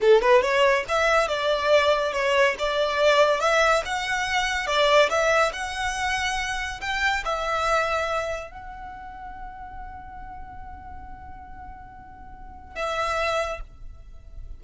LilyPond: \new Staff \with { instrumentName = "violin" } { \time 4/4 \tempo 4 = 141 a'8 b'8 cis''4 e''4 d''4~ | d''4 cis''4 d''2 | e''4 fis''2 d''4 | e''4 fis''2. |
g''4 e''2. | fis''1~ | fis''1~ | fis''2 e''2 | }